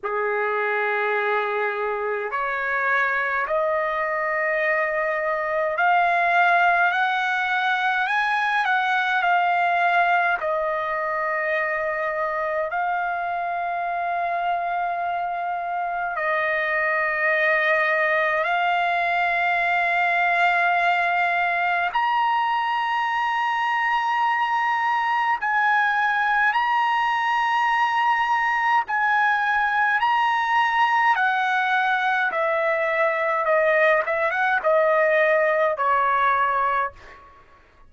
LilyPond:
\new Staff \with { instrumentName = "trumpet" } { \time 4/4 \tempo 4 = 52 gis'2 cis''4 dis''4~ | dis''4 f''4 fis''4 gis''8 fis''8 | f''4 dis''2 f''4~ | f''2 dis''2 |
f''2. ais''4~ | ais''2 gis''4 ais''4~ | ais''4 gis''4 ais''4 fis''4 | e''4 dis''8 e''16 fis''16 dis''4 cis''4 | }